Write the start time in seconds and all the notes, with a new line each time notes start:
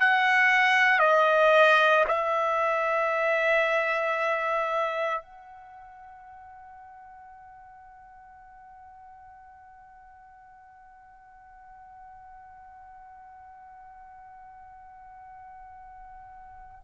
0.00 F#5
0.99 D#5
2.08 E5
5.22 F#5